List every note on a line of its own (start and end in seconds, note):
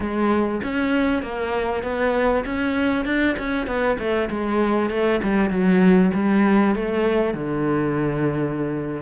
0.00 0.61 G#3
0.63 1.22 C#4
1.22 1.83 A#3
1.83 2.44 B3
2.45 3.05 C#4
3.05 3.35 D4
3.38 3.66 C#4
3.66 3.97 B3
3.98 4.29 A3
4.29 4.90 G#3
4.90 5.20 A3
5.23 5.49 G3
5.49 6.11 F#3
6.14 6.75 G3
6.75 7.34 A3
7.34 9.02 D3